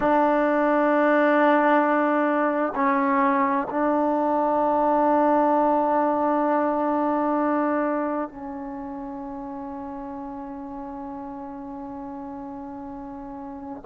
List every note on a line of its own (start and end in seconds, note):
0.00 2.73 D4
2.75 3.67 C#4
3.70 8.28 D4
8.28 13.82 C#4